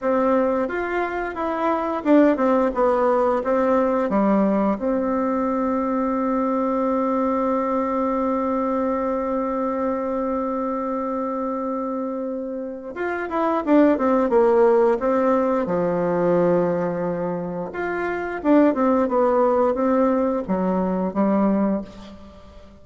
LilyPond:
\new Staff \with { instrumentName = "bassoon" } { \time 4/4 \tempo 4 = 88 c'4 f'4 e'4 d'8 c'8 | b4 c'4 g4 c'4~ | c'1~ | c'1~ |
c'2. f'8 e'8 | d'8 c'8 ais4 c'4 f4~ | f2 f'4 d'8 c'8 | b4 c'4 fis4 g4 | }